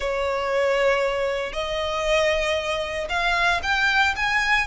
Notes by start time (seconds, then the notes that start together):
0.00 C#5
1.53 D#5
3.09 F5
3.63 G5
4.15 G#5